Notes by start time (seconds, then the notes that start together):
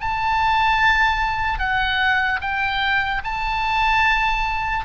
0.00 A5
1.58 F#5
2.41 G5
3.24 A5